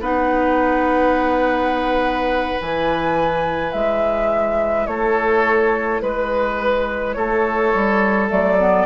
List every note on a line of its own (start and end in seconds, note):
0.00 2.57 B3
0.00 2.60 D#4
0.00 4.87 B4
0.00 2.60 F#5
2.60 3.73 E3
2.60 8.29 E4
2.60 3.72 G#5
3.72 4.87 G#3
3.72 4.86 E5
4.86 6.01 A3
4.86 6.02 A4
4.86 6.01 C#5
6.01 7.16 G#3
6.01 7.13 B4
6.01 7.16 B4
7.13 7.73 A3
7.13 8.86 A4
7.13 8.27 C#5
7.74 8.31 G3
8.29 8.86 F#3
8.29 8.57 A3
8.29 8.86 D5
8.60 8.86 B3